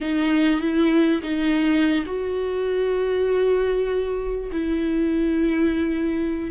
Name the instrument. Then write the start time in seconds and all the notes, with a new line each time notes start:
viola
0.01 D#4
0.60 E4
1.22 D#4
2.06 F#4
4.51 E4